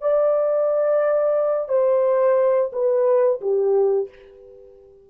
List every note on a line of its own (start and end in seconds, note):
0.00 1.68 D5
1.68 2.71 C5
2.72 3.40 B4
3.41 4.09 G4